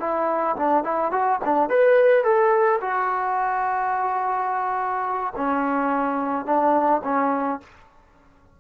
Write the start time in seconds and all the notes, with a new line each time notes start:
0.00 E4
0.57 D4
0.84 E4
1.12 F#4
1.45 D4
1.70 B4
2.24 A4
2.81 F#4
5.37 C#4
6.46 D4
7.05 C#4